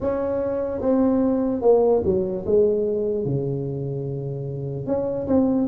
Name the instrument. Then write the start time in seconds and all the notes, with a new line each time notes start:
tuba
0.00 C#4
0.81 C4
1.61 A#3
2.04 F#3
2.45 G#3
3.24 C#3
4.86 C#4
5.27 C4